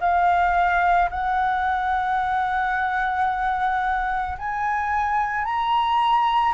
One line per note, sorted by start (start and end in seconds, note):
0.00 1.09 F5
1.10 4.37 F#5
4.38 5.45 G#5
5.45 6.54 A#5